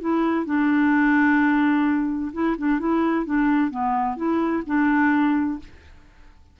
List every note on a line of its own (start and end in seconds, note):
0.00 0.45 E4
0.45 2.31 D4
2.33 2.56 E4
2.58 2.79 D4
2.79 3.25 E4
3.25 3.70 D4
3.70 4.16 B3
4.16 4.63 E4
4.66 5.59 D4